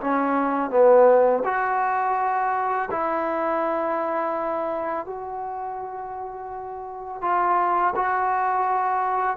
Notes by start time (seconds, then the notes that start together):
0.00 C#4
0.70 B3
1.44 F#4
2.91 E4
5.06 F#4
7.21 F4
7.95 F#4